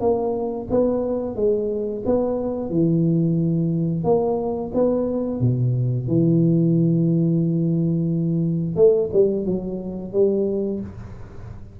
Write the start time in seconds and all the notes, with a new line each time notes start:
0.00 A#3
0.70 B3
1.35 G#3
2.05 B3
2.70 E3
4.04 A#3
4.74 B3
5.40 B2
6.07 E3
8.76 A3
9.12 G3
9.45 F#3
10.12 G3